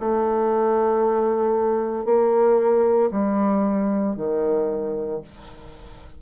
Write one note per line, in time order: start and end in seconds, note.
0.00 2.05 A3
2.05 3.11 A#3
3.11 4.16 G3
4.16 5.22 D#3